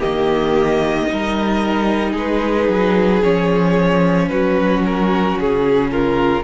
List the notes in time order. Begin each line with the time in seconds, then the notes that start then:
0.00 D#3 A#3 G4 D#5
1.07 G3 D#4
1.13 A#4
2.12 G#3 G#4
2.18 B4
2.69 F#3
3.22 F3 C#4 C#5
4.29 F#3 F#4 B4
4.86 A#4
5.39 C#3 G#4
5.91 F4 A#4